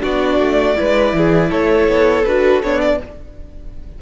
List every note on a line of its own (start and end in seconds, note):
0.00 0.39 B3
0.00 0.74 D4
0.00 0.77 F#4
0.00 1.51 D5
0.39 0.76 A3
0.76 1.13 G#3
0.76 2.24 E4
0.76 1.16 B4
1.13 1.50 E3
1.13 1.50 G#4
1.50 1.88 A3
1.50 2.98 A4
1.50 2.25 C#5
1.88 2.25 B3
2.25 2.63 D4
2.25 2.63 F#4
2.25 2.62 B4
2.63 3.00 B3
2.63 3.01 D4
2.63 2.81 C#5
2.81 3.00 D5